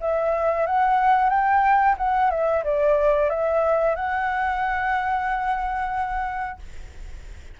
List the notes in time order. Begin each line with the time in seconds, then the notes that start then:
0.00 E5
0.66 F#5
1.29 G5
1.97 F#5
2.30 E5
2.63 D5
3.29 E5
3.95 F#5